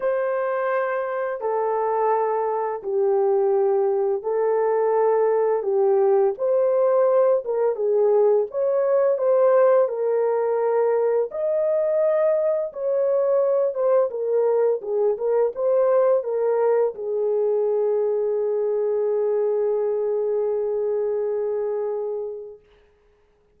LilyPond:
\new Staff \with { instrumentName = "horn" } { \time 4/4 \tempo 4 = 85 c''2 a'2 | g'2 a'2 | g'4 c''4. ais'8 gis'4 | cis''4 c''4 ais'2 |
dis''2 cis''4. c''8 | ais'4 gis'8 ais'8 c''4 ais'4 | gis'1~ | gis'1 | }